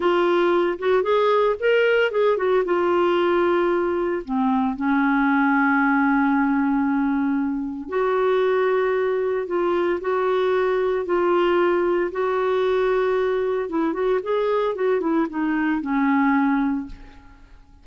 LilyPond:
\new Staff \with { instrumentName = "clarinet" } { \time 4/4 \tempo 4 = 114 f'4. fis'8 gis'4 ais'4 | gis'8 fis'8 f'2. | c'4 cis'2.~ | cis'2. fis'4~ |
fis'2 f'4 fis'4~ | fis'4 f'2 fis'4~ | fis'2 e'8 fis'8 gis'4 | fis'8 e'8 dis'4 cis'2 | }